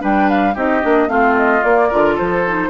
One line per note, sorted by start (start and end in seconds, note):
0.00 0.56 G3
0.00 0.54 D4
0.00 0.54 B4
0.00 0.29 G5
0.29 0.56 F5
0.54 0.83 C4
0.54 0.81 D#4
0.54 1.08 G4
0.54 1.09 D#5
0.81 1.08 A#3
0.81 1.08 D4
1.08 1.62 A3
1.08 1.62 C4
1.08 1.89 F4
1.08 1.36 F5
1.37 1.63 D#5
1.63 1.91 A#3
1.63 1.92 A#3
1.63 2.17 D5
1.89 2.19 D3
1.89 2.46 F4
1.89 2.15 A#4
2.15 2.70 F3
2.15 2.69 A4
2.15 2.70 C5
2.47 2.70 D#4